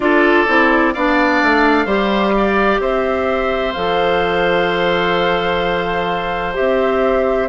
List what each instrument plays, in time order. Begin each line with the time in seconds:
0.00 bassoon D4, clarinet F4, oboe A4, flute D5
0.47 bassoon C4, clarinet E4
0.93 bassoon B3, clarinet D4, oboe D5, flute F5
1.43 bassoon A3
1.85 bassoon G3, clarinet G4, oboe C5
2.37 oboe D5
2.79 bassoon C4, oboe C5, flute E5
3.72 bassoon F3, clarinet A4, flute F5
6.54 bassoon C4, clarinet G4, flute E5